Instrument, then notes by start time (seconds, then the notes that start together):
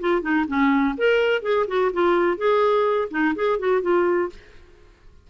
clarinet
0.00 F4
0.21 D#4
0.47 C#4
0.97 A#4
1.42 G#4
1.67 F#4
1.93 F4
2.37 G#4
3.11 D#4
3.35 G#4
3.59 F#4
3.82 F4